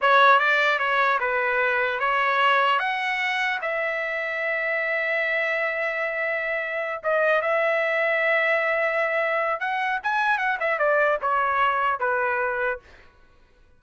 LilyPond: \new Staff \with { instrumentName = "trumpet" } { \time 4/4 \tempo 4 = 150 cis''4 d''4 cis''4 b'4~ | b'4 cis''2 fis''4~ | fis''4 e''2.~ | e''1~ |
e''4. dis''4 e''4.~ | e''1 | fis''4 gis''4 fis''8 e''8 d''4 | cis''2 b'2 | }